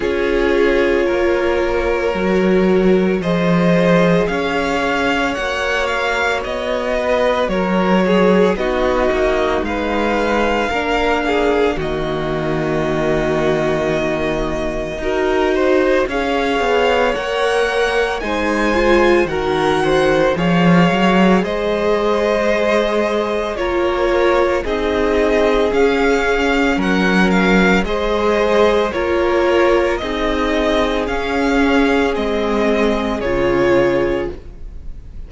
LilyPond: <<
  \new Staff \with { instrumentName = "violin" } { \time 4/4 \tempo 4 = 56 cis''2. dis''4 | f''4 fis''8 f''8 dis''4 cis''4 | dis''4 f''2 dis''4~ | dis''2. f''4 |
fis''4 gis''4 fis''4 f''4 | dis''2 cis''4 dis''4 | f''4 fis''8 f''8 dis''4 cis''4 | dis''4 f''4 dis''4 cis''4 | }
  \new Staff \with { instrumentName = "violin" } { \time 4/4 gis'4 ais'2 c''4 | cis''2~ cis''8 b'8 ais'8 gis'8 | fis'4 b'4 ais'8 gis'8 fis'4~ | fis'2 ais'8 c''8 cis''4~ |
cis''4 c''4 ais'8 c''8 cis''4 | c''2 ais'4 gis'4~ | gis'4 ais'4 c''4 ais'4 | gis'1 | }
  \new Staff \with { instrumentName = "viola" } { \time 4/4 f'2 fis'4 gis'4~ | gis'4 fis'2. | dis'2 d'4 ais4~ | ais2 fis'4 gis'4 |
ais'4 dis'8 f'8 fis'4 gis'4~ | gis'2 f'4 dis'4 | cis'2 gis'4 f'4 | dis'4 cis'4 c'4 f'4 | }
  \new Staff \with { instrumentName = "cello" } { \time 4/4 cis'4 ais4 fis4 f4 | cis'4 ais4 b4 fis4 | b8 ais8 gis4 ais4 dis4~ | dis2 dis'4 cis'8 b8 |
ais4 gis4 dis4 f8 fis8 | gis2 ais4 c'4 | cis'4 fis4 gis4 ais4 | c'4 cis'4 gis4 cis4 | }
>>